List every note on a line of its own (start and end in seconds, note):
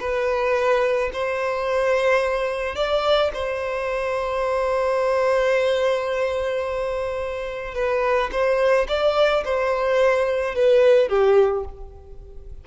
0.00 1.11 B4
1.13 2.76 C5
2.76 3.31 D5
3.34 7.75 C5
7.75 8.31 B4
8.32 8.87 C5
8.88 9.44 D5
9.45 10.55 C5
10.55 11.09 B4
11.09 11.64 G4